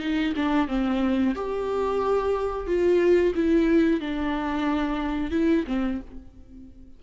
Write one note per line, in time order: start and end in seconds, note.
0.00 0.33 D#4
0.36 0.68 D4
0.68 1.35 C4
1.35 2.67 G4
2.67 3.34 F4
3.35 4.00 E4
4.00 5.31 D4
5.31 5.65 E4
5.67 6.01 C4